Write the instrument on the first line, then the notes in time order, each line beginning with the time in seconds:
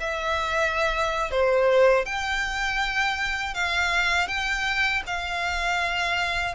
violin
0.00 E5
1.31 C5
2.06 G5
3.55 F5
4.28 G5
5.07 F5